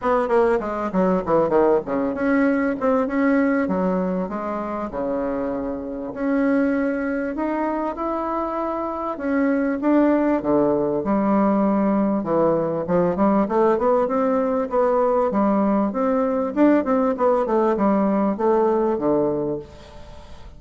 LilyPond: \new Staff \with { instrumentName = "bassoon" } { \time 4/4 \tempo 4 = 98 b8 ais8 gis8 fis8 e8 dis8 cis8 cis'8~ | cis'8 c'8 cis'4 fis4 gis4 | cis2 cis'2 | dis'4 e'2 cis'4 |
d'4 d4 g2 | e4 f8 g8 a8 b8 c'4 | b4 g4 c'4 d'8 c'8 | b8 a8 g4 a4 d4 | }